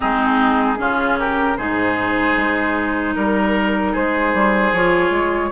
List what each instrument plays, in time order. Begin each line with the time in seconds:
0.00 bassoon G#3, clarinet C4, oboe D#4, flute G#4
0.77 bassoon C#3, clarinet C#4, oboe F4
1.19 oboe G4, flute A#4
1.57 bassoon G#2, clarinet D#4, oboe G#4, flute C5
2.36 bassoon G#3
3.15 bassoon G3, oboe A#4, flute A#4
3.91 bassoon G#3, oboe G#4, flute C5
4.34 bassoon G3
4.72 bassoon F3, clarinet F4, flute C#5
5.10 bassoon G#3